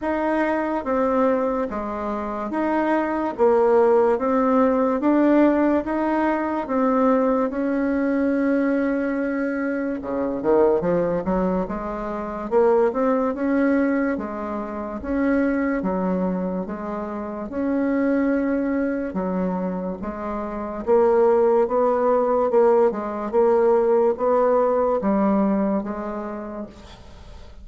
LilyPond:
\new Staff \with { instrumentName = "bassoon" } { \time 4/4 \tempo 4 = 72 dis'4 c'4 gis4 dis'4 | ais4 c'4 d'4 dis'4 | c'4 cis'2. | cis8 dis8 f8 fis8 gis4 ais8 c'8 |
cis'4 gis4 cis'4 fis4 | gis4 cis'2 fis4 | gis4 ais4 b4 ais8 gis8 | ais4 b4 g4 gis4 | }